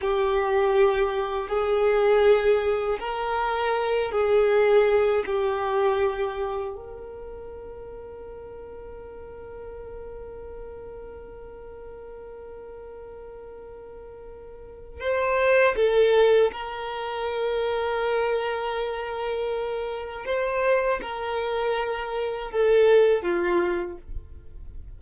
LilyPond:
\new Staff \with { instrumentName = "violin" } { \time 4/4 \tempo 4 = 80 g'2 gis'2 | ais'4. gis'4. g'4~ | g'4 ais'2.~ | ais'1~ |
ais'1 | c''4 a'4 ais'2~ | ais'2. c''4 | ais'2 a'4 f'4 | }